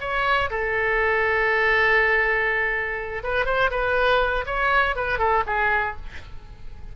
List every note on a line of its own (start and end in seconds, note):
0.00 0.50 C#5
0.50 3.23 A4
3.23 3.46 B4
3.46 3.70 C5
3.71 4.45 B4
4.46 4.96 C#5
4.96 5.18 B4
5.18 5.43 A4
5.47 5.96 G#4